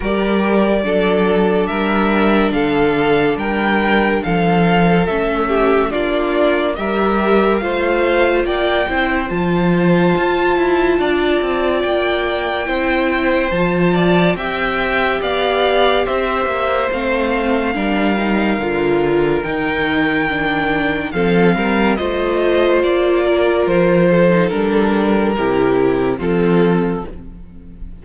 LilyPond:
<<
  \new Staff \with { instrumentName = "violin" } { \time 4/4 \tempo 4 = 71 d''2 e''4 f''4 | g''4 f''4 e''4 d''4 | e''4 f''4 g''4 a''4~ | a''2 g''2 |
a''4 g''4 f''4 e''4 | f''2. g''4~ | g''4 f''4 dis''4 d''4 | c''4 ais'2 a'4 | }
  \new Staff \with { instrumentName = "violin" } { \time 4/4 ais'4 a'4 ais'4 a'4 | ais'4 a'4. g'8 f'4 | ais'4 c''4 d''8 c''4.~ | c''4 d''2 c''4~ |
c''8 d''8 e''4 d''4 c''4~ | c''4 ais'2.~ | ais'4 a'8 ais'8 c''4. ais'8~ | ais'8 a'4. g'4 f'4 | }
  \new Staff \with { instrumentName = "viola" } { \time 4/4 g'4 d'2.~ | d'2 cis'4 d'4 | g'4 f'4. e'8 f'4~ | f'2. e'4 |
f'4 g'2. | c'4 d'8 dis'8 f'4 dis'4 | d'4 c'4 f'2~ | f'8. dis'16 d'4 e'4 c'4 | }
  \new Staff \with { instrumentName = "cello" } { \time 4/4 g4 fis4 g4 d4 | g4 f4 a4 ais4 | g4 a4 ais8 c'8 f4 | f'8 e'8 d'8 c'8 ais4 c'4 |
f4 c'4 b4 c'8 ais8 | a4 g4 d4 dis4~ | dis4 f8 g8 a4 ais4 | f4 g4 c4 f4 | }
>>